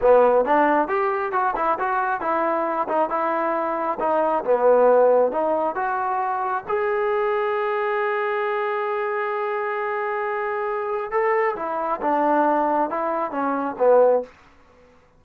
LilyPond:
\new Staff \with { instrumentName = "trombone" } { \time 4/4 \tempo 4 = 135 b4 d'4 g'4 fis'8 e'8 | fis'4 e'4. dis'8 e'4~ | e'4 dis'4 b2 | dis'4 fis'2 gis'4~ |
gis'1~ | gis'1~ | gis'4 a'4 e'4 d'4~ | d'4 e'4 cis'4 b4 | }